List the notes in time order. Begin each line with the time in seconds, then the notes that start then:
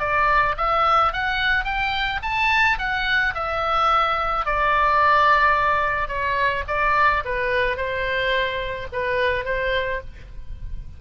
0.00 D5
0.58 E5
1.13 F#5
1.65 G5
2.23 A5
2.79 F#5
3.35 E5
4.46 D5
6.08 C#5
6.68 D5
7.25 B4
7.77 C5
8.93 B4
9.45 C5